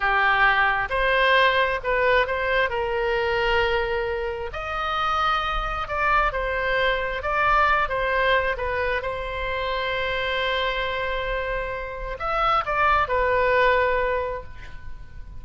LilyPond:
\new Staff \with { instrumentName = "oboe" } { \time 4/4 \tempo 4 = 133 g'2 c''2 | b'4 c''4 ais'2~ | ais'2 dis''2~ | dis''4 d''4 c''2 |
d''4. c''4. b'4 | c''1~ | c''2. e''4 | d''4 b'2. | }